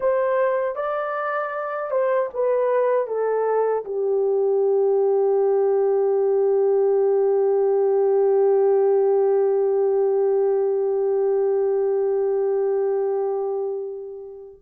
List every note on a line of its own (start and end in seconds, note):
0.00 0.75 C5
0.75 1.91 D5
1.91 2.29 C5
2.33 3.07 B4
3.07 3.84 A4
3.85 14.62 G4